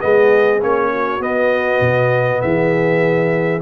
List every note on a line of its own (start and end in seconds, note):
0.00 0.62 G#3
0.00 0.60 B3
0.00 0.90 G#4
0.00 0.60 D#5
0.61 1.19 A#3
0.61 1.20 C#4
0.61 1.22 C#5
0.92 2.42 F#4
1.19 1.79 B3
1.19 3.60 B3
1.19 2.41 D#5
1.80 2.40 B2
2.41 3.61 E3
2.41 3.61 G#4
2.41 3.61 E5